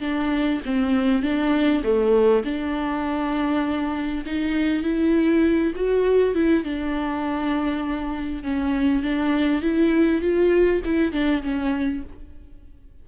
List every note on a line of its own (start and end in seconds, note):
0.00 0.60 D4
0.65 1.22 C4
1.22 1.82 D4
1.83 2.43 A3
2.44 4.24 D4
4.25 4.83 D#4
4.83 5.73 E4
5.75 6.34 F#4
6.34 6.63 E4
6.63 8.43 D4
8.43 9.02 C#4
9.02 9.61 D4
9.61 10.21 E4
10.21 10.81 F4
10.84 11.12 E4
11.12 11.42 D4
11.42 12.02 C#4